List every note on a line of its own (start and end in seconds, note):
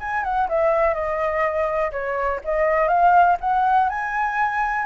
0.00 0.24 G#5
0.24 0.48 F#5
0.49 0.94 E5
0.94 1.92 D#5
1.92 2.41 C#5
2.45 2.88 D#5
2.88 3.37 F5
3.41 3.90 F#5
3.90 4.86 G#5